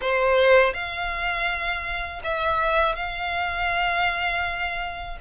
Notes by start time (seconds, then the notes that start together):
0.01 C5
0.73 F5
2.23 E5
2.95 F5